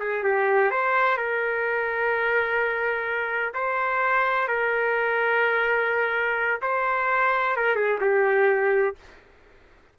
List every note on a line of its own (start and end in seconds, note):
0.00 0.24 G#4
0.24 0.71 G4
0.71 1.17 C5
1.17 3.53 A#4
3.54 4.48 C5
4.48 6.61 A#4
6.62 7.56 C5
7.56 7.76 A#4
7.76 7.99 G#4
8.01 8.95 G4